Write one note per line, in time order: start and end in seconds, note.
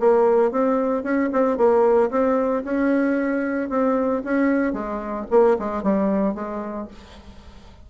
0.00 0.51 A#3
0.51 1.03 C4
1.03 1.30 C#4
1.33 1.57 C4
1.57 2.10 A#3
2.10 2.64 C4
2.65 3.70 C#4
3.70 4.23 C4
4.24 4.73 C#4
4.73 5.26 G#3
5.30 5.57 A#3
5.59 5.83 G#3
5.83 6.35 G3
6.35 6.88 G#3